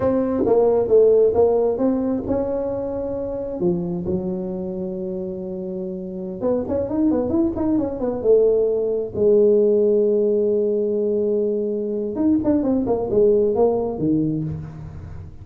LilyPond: \new Staff \with { instrumentName = "tuba" } { \time 4/4 \tempo 4 = 133 c'4 ais4 a4 ais4 | c'4 cis'2. | f4 fis2.~ | fis2~ fis16 b8 cis'8 dis'8 b16~ |
b16 e'8 dis'8 cis'8 b8 a4.~ a16~ | a16 gis2.~ gis8.~ | gis2. dis'8 d'8 | c'8 ais8 gis4 ais4 dis4 | }